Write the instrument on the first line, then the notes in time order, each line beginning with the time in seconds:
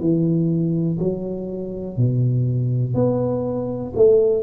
tuba
0.00 E3
0.99 F#3
1.97 B2
2.94 B3
3.95 A3